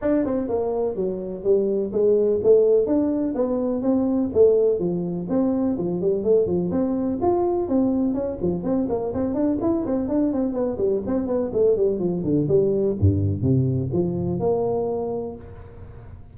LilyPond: \new Staff \with { instrumentName = "tuba" } { \time 4/4 \tempo 4 = 125 d'8 c'8 ais4 fis4 g4 | gis4 a4 d'4 b4 | c'4 a4 f4 c'4 | f8 g8 a8 f8 c'4 f'4 |
c'4 cis'8 f8 c'8 ais8 c'8 d'8 | e'8 c'8 d'8 c'8 b8 g8 c'8 b8 | a8 g8 f8 d8 g4 g,4 | c4 f4 ais2 | }